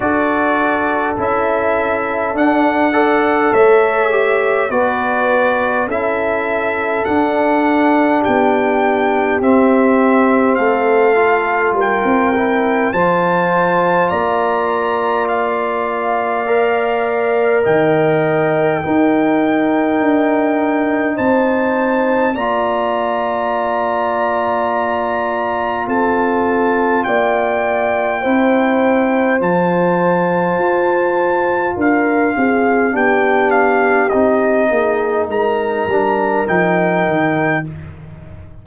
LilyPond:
<<
  \new Staff \with { instrumentName = "trumpet" } { \time 4/4 \tempo 4 = 51 d''4 e''4 fis''4 e''4 | d''4 e''4 fis''4 g''4 | e''4 f''4 g''4 a''4 | ais''4 f''2 g''4~ |
g''2 a''4 ais''4~ | ais''2 a''4 g''4~ | g''4 a''2 f''4 | g''8 f''8 dis''4 ais''4 g''4 | }
  \new Staff \with { instrumentName = "horn" } { \time 4/4 a'2~ a'8 d''8 cis''4 | b'4 a'2 g'4~ | g'4 a'4 ais'4 c''4 | d''2. dis''4 |
ais'2 c''4 d''4~ | d''2 a'4 d''4 | c''2. ais'8 gis'8 | g'4. gis'8 ais'2 | }
  \new Staff \with { instrumentName = "trombone" } { \time 4/4 fis'4 e'4 d'8 a'4 g'8 | fis'4 e'4 d'2 | c'4. f'4 e'8 f'4~ | f'2 ais'2 |
dis'2. f'4~ | f'1 | e'4 f'2. | d'4 dis'4. d'8 dis'4 | }
  \new Staff \with { instrumentName = "tuba" } { \time 4/4 d'4 cis'4 d'4 a4 | b4 cis'4 d'4 b4 | c'4 a4 g16 c'8. f4 | ais2. dis4 |
dis'4 d'4 c'4 ais4~ | ais2 c'4 ais4 | c'4 f4 f'4 d'8 c'8 | b4 c'8 ais8 gis8 g8 f8 dis8 | }
>>